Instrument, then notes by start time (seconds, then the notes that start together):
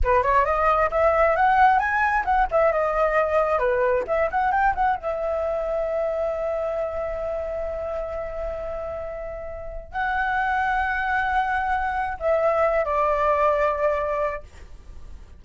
flute
0.03 B4
0.23 C#5
0.45 D#5
0.90 E5
1.36 F#5
1.79 G#5
2.24 F#5
2.51 E5
2.71 D#5
3.58 B4
4.07 E5
4.30 F#5
4.51 G5
4.74 F#5
4.96 E5
9.92 F#5
12.19 E5
12.84 D5